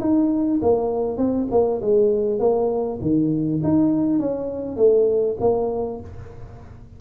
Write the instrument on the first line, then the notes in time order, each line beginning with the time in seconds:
tuba
0.00 D#4
0.62 A#3
1.17 C4
1.51 A#3
1.81 G#3
2.39 A#3
3.01 D#3
3.63 D#4
4.19 C#4
4.76 A3
5.40 A#3